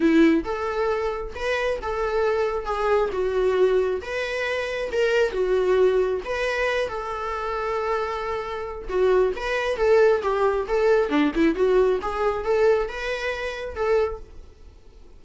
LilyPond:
\new Staff \with { instrumentName = "viola" } { \time 4/4 \tempo 4 = 135 e'4 a'2 b'4 | a'2 gis'4 fis'4~ | fis'4 b'2 ais'4 | fis'2 b'4. a'8~ |
a'1 | fis'4 b'4 a'4 g'4 | a'4 d'8 e'8 fis'4 gis'4 | a'4 b'2 a'4 | }